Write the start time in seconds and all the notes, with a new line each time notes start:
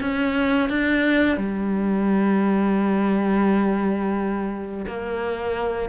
0.00 C#4
0.69 D4
1.37 G3
4.86 A#3